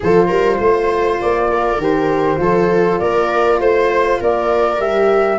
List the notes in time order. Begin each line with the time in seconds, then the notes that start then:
0.00 F3 F4 A4 C5
0.27 G3 A#4
0.58 A3 C5
1.21 A#3 D5
1.51 A#4
1.77 D#3 G4 C5
2.37 F3 F4 A4
2.99 A#3 A#4 D5
3.59 A3 C5
4.20 A#3 A#4 D5
4.79 G3 G4 E5